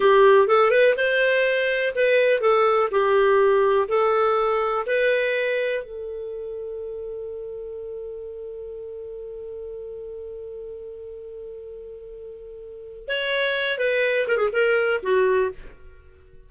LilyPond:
\new Staff \with { instrumentName = "clarinet" } { \time 4/4 \tempo 4 = 124 g'4 a'8 b'8 c''2 | b'4 a'4 g'2 | a'2 b'2 | a'1~ |
a'1~ | a'1~ | a'2. cis''4~ | cis''8 b'4 ais'16 gis'16 ais'4 fis'4 | }